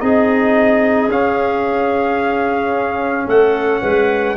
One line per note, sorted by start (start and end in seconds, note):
0.00 1.08 C4
0.00 1.09 D#4
0.00 3.27 G#4
0.00 1.10 D#5
1.08 3.27 C#4
1.08 4.37 C#4
1.08 3.30 F5
3.27 3.82 A3
3.27 3.81 A4
3.27 4.37 F#5
3.82 4.37 G#3
3.82 4.36 B4